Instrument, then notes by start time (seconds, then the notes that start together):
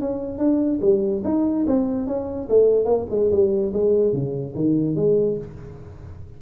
tuba
0.00 C#4
0.38 D4
0.81 G3
1.24 D#4
1.66 C4
2.07 C#4
2.49 A3
2.85 A#3
3.10 G#3
3.31 G3
3.73 G#3
4.13 C#3
4.54 D#3
4.96 G#3